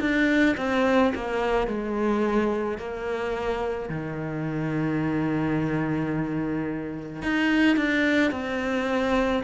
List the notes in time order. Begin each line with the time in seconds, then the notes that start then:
0.00 D4
0.57 C4
1.15 A#3
1.67 G#3
2.78 A#3
3.89 D#3
7.22 D#4
7.76 D4
8.31 C4